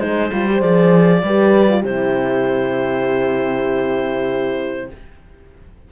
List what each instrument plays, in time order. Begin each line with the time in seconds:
0.00 cello G#3, horn D#4 C5, clarinet C5
0.32 cello G3, horn F4
0.47 horn G4
0.61 cello F3, horn G#4, clarinet D5
1.23 cello G3, horn G4 B4
1.70 horn F4
1.82 cello C3, horn E4 G4, clarinet C5